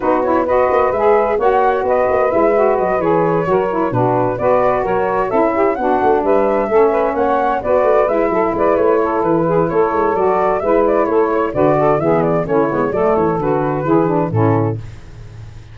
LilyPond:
<<
  \new Staff \with { instrumentName = "flute" } { \time 4/4 \tempo 4 = 130 b'8 cis''8 dis''4 e''4 fis''4 | dis''4 e''4 dis''8 cis''4.~ | cis''8 b'4 d''4 cis''4 e''8~ | e''8 fis''4 e''2 fis''8~ |
fis''8 d''4 e''4 d''8 cis''4 | b'4 cis''4 d''4 e''8 d''8 | cis''4 d''4 e''8 d''8 cis''4 | d''8 cis''8 b'2 a'4 | }
  \new Staff \with { instrumentName = "saxophone" } { \time 4/4 fis'4 b'2 cis''4 | b'2.~ b'8 ais'8~ | ais'8 fis'4 b'4 ais'4 a'8 | g'8 fis'4 b'4 a'8 b'8 cis''8~ |
cis''8 b'4. a'8 b'4 a'8~ | a'8 gis'8 a'2 b'4 | a'8 cis''8 b'8 a'8 gis'4 e'4 | a'2 gis'4 e'4 | }
  \new Staff \with { instrumentName = "saxophone" } { \time 4/4 dis'8 e'8 fis'4 gis'4 fis'4~ | fis'4 e'8 fis'4 gis'4 fis'8 | e'8 d'4 fis'2 e'8~ | e'8 d'2 cis'4.~ |
cis'8 fis'4 e'2~ e'8~ | e'2 fis'4 e'4~ | e'4 fis'4 b4 cis'8 b8 | a4 fis'4 e'8 d'8 cis'4 | }
  \new Staff \with { instrumentName = "tuba" } { \time 4/4 b4. ais8 gis4 ais4 | b8 ais8 gis4 fis8 e4 fis8~ | fis8 b,4 b4 fis4 cis'8~ | cis'8 b8 a8 g4 a4 ais8~ |
ais8 b8 a8 gis8 fis8 gis8 a4 | e4 a8 gis8 fis4 gis4 | a4 d4 e4 a8 gis8 | fis8 e8 d4 e4 a,4 | }
>>